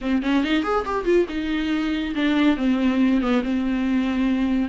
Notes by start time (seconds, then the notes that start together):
0.01 C4
0.22 C#4
0.43 D#4
0.63 G#4
0.85 G4
1.04 F4
1.28 D#4
2.15 D4
2.56 C4
3.21 B3
3.43 C4